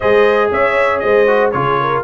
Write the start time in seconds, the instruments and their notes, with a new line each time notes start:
0.00 tuba G#3, trombone G#4, horn C5, trumpet D#5
0.51 tuba C#4, horn C#5, trumpet E5
0.99 tuba G#3, horn C5, trumpet D#5
1.26 trombone F#4
1.51 tuba C#3, trombone F4, horn G#4, trumpet C#5
1.80 horn A#4